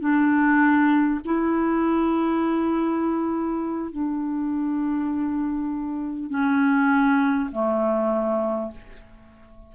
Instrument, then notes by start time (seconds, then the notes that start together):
clarinet
0.00 D4
1.24 E4
3.91 D4
6.29 C#4
7.52 A3